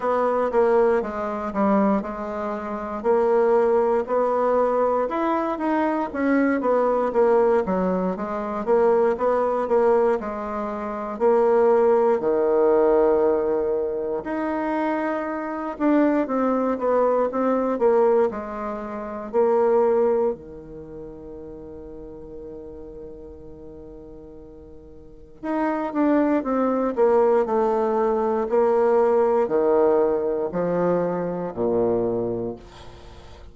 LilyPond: \new Staff \with { instrumentName = "bassoon" } { \time 4/4 \tempo 4 = 59 b8 ais8 gis8 g8 gis4 ais4 | b4 e'8 dis'8 cis'8 b8 ais8 fis8 | gis8 ais8 b8 ais8 gis4 ais4 | dis2 dis'4. d'8 |
c'8 b8 c'8 ais8 gis4 ais4 | dis1~ | dis4 dis'8 d'8 c'8 ais8 a4 | ais4 dis4 f4 ais,4 | }